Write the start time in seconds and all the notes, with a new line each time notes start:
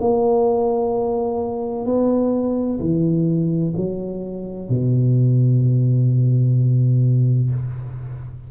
0.00 A#3
1.85 B3
2.80 E3
3.76 F#3
4.69 B2